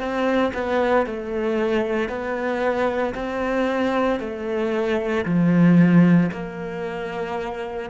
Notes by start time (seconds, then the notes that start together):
0.00 C4
0.54 B3
1.07 A3
2.09 B3
3.15 C4
4.20 A3
5.26 F3
6.32 A#3